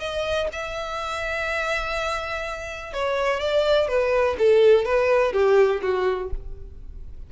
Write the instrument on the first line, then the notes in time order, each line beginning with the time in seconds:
violin
0.00 D#5
0.53 E5
2.93 C#5
3.40 D5
3.88 B4
4.39 A4
4.86 B4
5.33 G4
5.82 F#4